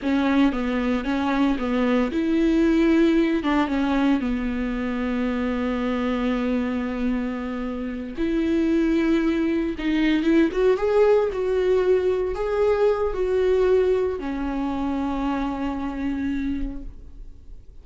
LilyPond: \new Staff \with { instrumentName = "viola" } { \time 4/4 \tempo 4 = 114 cis'4 b4 cis'4 b4 | e'2~ e'8 d'8 cis'4 | b1~ | b2.~ b8 e'8~ |
e'2~ e'8 dis'4 e'8 | fis'8 gis'4 fis'2 gis'8~ | gis'4 fis'2 cis'4~ | cis'1 | }